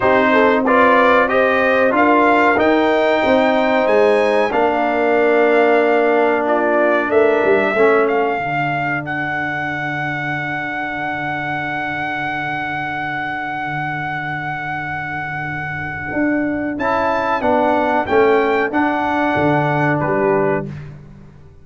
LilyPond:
<<
  \new Staff \with { instrumentName = "trumpet" } { \time 4/4 \tempo 4 = 93 c''4 d''4 dis''4 f''4 | g''2 gis''4 f''4~ | f''2 d''4 e''4~ | e''8 f''4. fis''2~ |
fis''1~ | fis''1~ | fis''2 a''4 fis''4 | g''4 fis''2 b'4 | }
  \new Staff \with { instrumentName = "horn" } { \time 4/4 g'8 a'8 b'4 c''4 ais'4~ | ais'4 c''2 ais'4~ | ais'2 f'4 ais'4 | a'1~ |
a'1~ | a'1~ | a'1~ | a'2. g'4 | }
  \new Staff \with { instrumentName = "trombone" } { \time 4/4 dis'4 f'4 g'4 f'4 | dis'2. d'4~ | d'1 | cis'4 d'2.~ |
d'1~ | d'1~ | d'2 e'4 d'4 | cis'4 d'2. | }
  \new Staff \with { instrumentName = "tuba" } { \time 4/4 c'2. d'4 | dis'4 c'4 gis4 ais4~ | ais2. a8 g8 | a4 d2.~ |
d1~ | d1~ | d4 d'4 cis'4 b4 | a4 d'4 d4 g4 | }
>>